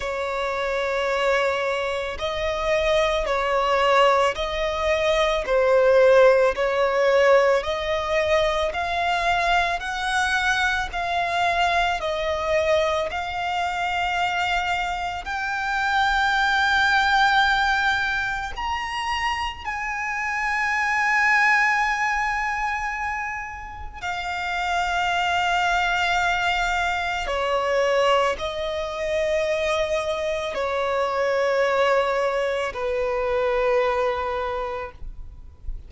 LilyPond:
\new Staff \with { instrumentName = "violin" } { \time 4/4 \tempo 4 = 55 cis''2 dis''4 cis''4 | dis''4 c''4 cis''4 dis''4 | f''4 fis''4 f''4 dis''4 | f''2 g''2~ |
g''4 ais''4 gis''2~ | gis''2 f''2~ | f''4 cis''4 dis''2 | cis''2 b'2 | }